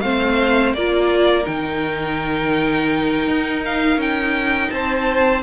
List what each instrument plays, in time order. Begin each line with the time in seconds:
0.00 cello A3, viola C4, violin C5 F5
0.73 cello A#3, viola F4, violin A#4 D5
1.43 cello D#3, viola D#4, violin G5
3.27 cello D#4
3.64 violin F5
3.96 cello C#4, violin G5
4.70 cello C4, violin C5 A5